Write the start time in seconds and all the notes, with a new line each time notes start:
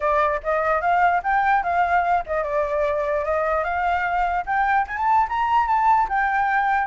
0.00 D5
0.43 D#5
0.81 F5
1.23 G5
1.63 F5
2.26 D#5
2.43 D5
3.24 D#5
3.63 F5
4.46 G5
4.87 G#5
4.97 A5
5.28 A#5
5.67 A5
6.08 G5